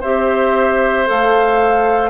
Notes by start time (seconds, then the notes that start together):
0.00 C4 G4 C5 E5
1.06 A3 A4 F5